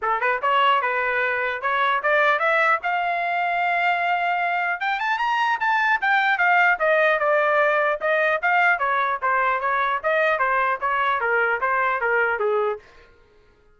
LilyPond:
\new Staff \with { instrumentName = "trumpet" } { \time 4/4 \tempo 4 = 150 a'8 b'8 cis''4 b'2 | cis''4 d''4 e''4 f''4~ | f''1 | g''8 a''8 ais''4 a''4 g''4 |
f''4 dis''4 d''2 | dis''4 f''4 cis''4 c''4 | cis''4 dis''4 c''4 cis''4 | ais'4 c''4 ais'4 gis'4 | }